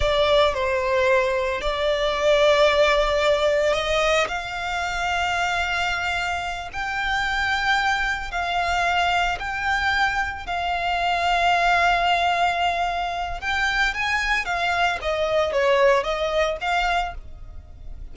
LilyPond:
\new Staff \with { instrumentName = "violin" } { \time 4/4 \tempo 4 = 112 d''4 c''2 d''4~ | d''2. dis''4 | f''1~ | f''8 g''2. f''8~ |
f''4. g''2 f''8~ | f''1~ | f''4 g''4 gis''4 f''4 | dis''4 cis''4 dis''4 f''4 | }